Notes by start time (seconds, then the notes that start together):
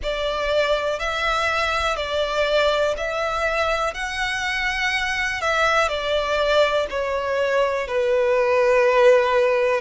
0.03 D5
0.99 E5
1.96 D5
2.97 E5
3.93 F#5
5.41 E5
5.88 D5
6.89 C#5
7.87 B4